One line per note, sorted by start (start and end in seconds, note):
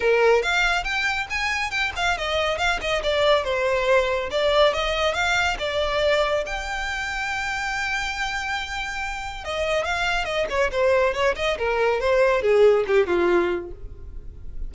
0.00 0.42 A#4
0.42 0.84 F5
0.84 1.26 G5
1.30 1.70 G#5
1.70 1.92 G5
1.96 2.17 F5
2.17 2.58 D#5
2.58 2.79 F5
2.81 3.02 D#5
3.03 3.44 D5
3.44 4.29 C5
4.30 4.73 D5
4.73 5.14 D#5
5.14 5.57 F5
5.59 6.44 D5
6.46 9.44 G5
9.44 9.85 D#5
9.85 10.24 F5
10.24 10.46 D#5
10.49 10.70 C#5
10.71 11.14 C5
11.14 11.35 C#5
11.36 11.57 D#5
11.58 12.00 A#4
12.00 12.42 C5
12.42 12.85 G#4
12.87 13.06 G4
13.06 13.71 F4